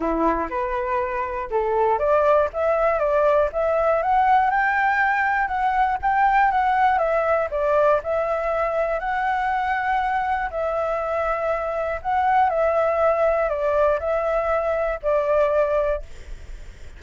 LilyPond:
\new Staff \with { instrumentName = "flute" } { \time 4/4 \tempo 4 = 120 e'4 b'2 a'4 | d''4 e''4 d''4 e''4 | fis''4 g''2 fis''4 | g''4 fis''4 e''4 d''4 |
e''2 fis''2~ | fis''4 e''2. | fis''4 e''2 d''4 | e''2 d''2 | }